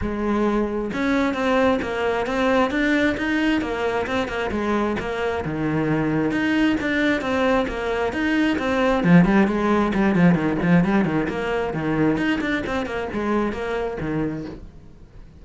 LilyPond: \new Staff \with { instrumentName = "cello" } { \time 4/4 \tempo 4 = 133 gis2 cis'4 c'4 | ais4 c'4 d'4 dis'4 | ais4 c'8 ais8 gis4 ais4 | dis2 dis'4 d'4 |
c'4 ais4 dis'4 c'4 | f8 g8 gis4 g8 f8 dis8 f8 | g8 dis8 ais4 dis4 dis'8 d'8 | c'8 ais8 gis4 ais4 dis4 | }